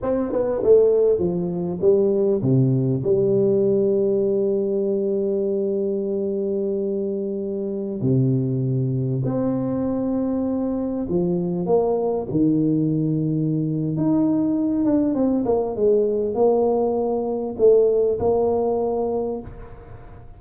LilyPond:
\new Staff \with { instrumentName = "tuba" } { \time 4/4 \tempo 4 = 99 c'8 b8 a4 f4 g4 | c4 g2.~ | g1~ | g4~ g16 c2 c'8.~ |
c'2~ c'16 f4 ais8.~ | ais16 dis2~ dis8. dis'4~ | dis'8 d'8 c'8 ais8 gis4 ais4~ | ais4 a4 ais2 | }